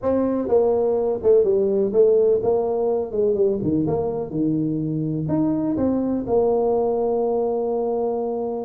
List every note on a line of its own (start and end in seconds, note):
0.02 0.47 C4
0.47 1.19 A#3
1.22 1.44 A3
1.44 1.92 G3
1.92 2.40 A3
2.42 3.11 A#3
3.11 3.34 G#3
3.34 3.58 G3
3.62 3.86 D#3
3.87 4.30 A#3
4.30 5.26 D#3
5.28 5.76 D#4
5.76 6.24 C4
6.26 8.65 A#3